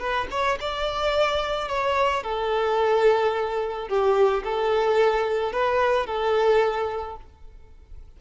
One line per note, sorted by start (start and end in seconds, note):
0.00 0.28 B4
0.31 0.59 C#5
0.61 1.69 D5
1.69 2.24 C#5
2.24 3.89 A4
3.89 4.44 G4
4.44 5.53 A4
5.53 6.07 B4
6.07 7.17 A4